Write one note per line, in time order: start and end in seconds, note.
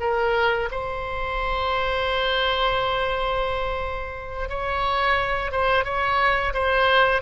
0.00 0.69 A#4
0.71 4.49 C5
4.49 5.52 C#5
5.52 5.84 C5
5.84 6.53 C#5
6.54 7.22 C5